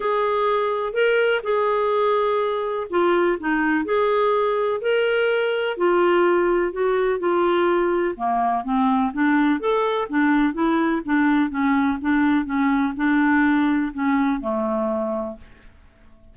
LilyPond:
\new Staff \with { instrumentName = "clarinet" } { \time 4/4 \tempo 4 = 125 gis'2 ais'4 gis'4~ | gis'2 f'4 dis'4 | gis'2 ais'2 | f'2 fis'4 f'4~ |
f'4 ais4 c'4 d'4 | a'4 d'4 e'4 d'4 | cis'4 d'4 cis'4 d'4~ | d'4 cis'4 a2 | }